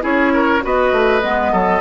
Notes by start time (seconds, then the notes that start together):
0.00 C#4 E4 G#4 C#5
0.33 A#4
0.62 B3 F#4 B4 D#5
0.92 A3
1.21 G#3 B3
1.52 F#3 A4